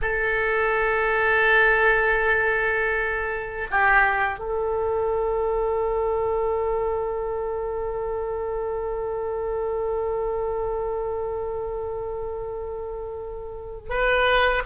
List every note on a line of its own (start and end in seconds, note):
0.01 3.67 A4
3.71 4.39 G4
4.39 13.89 A4
13.89 14.62 B4